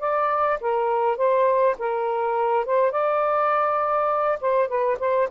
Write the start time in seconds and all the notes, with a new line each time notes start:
0.00 D5
0.60 A#4
1.17 C5
1.79 A#4
2.65 C5
2.91 D5
4.41 C5
4.68 B4
4.99 C5